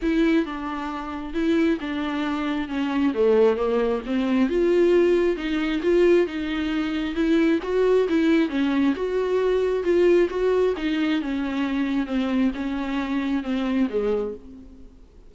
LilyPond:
\new Staff \with { instrumentName = "viola" } { \time 4/4 \tempo 4 = 134 e'4 d'2 e'4 | d'2 cis'4 a4 | ais4 c'4 f'2 | dis'4 f'4 dis'2 |
e'4 fis'4 e'4 cis'4 | fis'2 f'4 fis'4 | dis'4 cis'2 c'4 | cis'2 c'4 gis4 | }